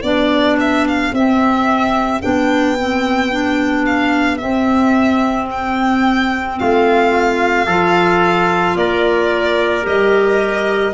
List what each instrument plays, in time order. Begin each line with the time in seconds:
0.00 tuba B3, clarinet D4, trumpet G4, violin D5
0.60 violin E5
0.88 violin F5
1.12 tuba C4, clarinet C4, violin E5
2.22 tuba B3, clarinet D4, violin G5
2.79 clarinet C4
3.31 clarinet D4
3.85 violin F5
4.37 clarinet C4, tuba C4, violin E5
5.50 violin G5
6.59 tuba A3, trumpet F4, violin F5
7.66 tuba F3, clarinet F4, trumpet A4
8.75 tuba A#3, trumpet A#4, violin D5
9.82 tuba G3, clarinet G4, violin D#5